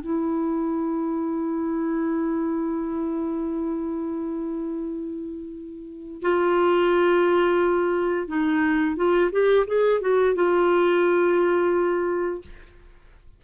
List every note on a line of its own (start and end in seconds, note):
0.00 6.21 E4
6.22 8.27 F4
8.27 8.96 D#4
8.96 9.30 F4
9.32 9.66 G4
9.67 10.01 G#4
10.01 10.35 F#4
10.35 12.42 F4